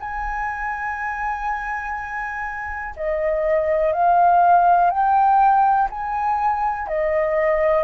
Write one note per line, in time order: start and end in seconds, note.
0.00 2.95 G#5
2.97 3.93 D#5
3.93 4.91 F5
4.91 5.89 G5
5.90 6.88 G#5
6.88 7.84 D#5